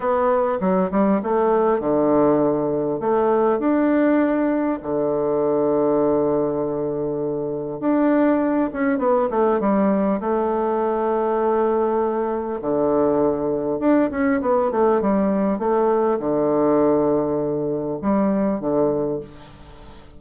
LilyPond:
\new Staff \with { instrumentName = "bassoon" } { \time 4/4 \tempo 4 = 100 b4 fis8 g8 a4 d4~ | d4 a4 d'2 | d1~ | d4 d'4. cis'8 b8 a8 |
g4 a2.~ | a4 d2 d'8 cis'8 | b8 a8 g4 a4 d4~ | d2 g4 d4 | }